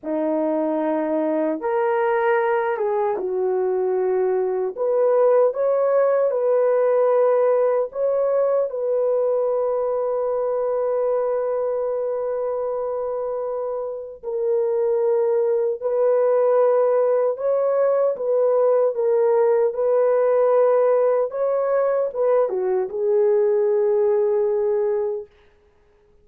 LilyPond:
\new Staff \with { instrumentName = "horn" } { \time 4/4 \tempo 4 = 76 dis'2 ais'4. gis'8 | fis'2 b'4 cis''4 | b'2 cis''4 b'4~ | b'1~ |
b'2 ais'2 | b'2 cis''4 b'4 | ais'4 b'2 cis''4 | b'8 fis'8 gis'2. | }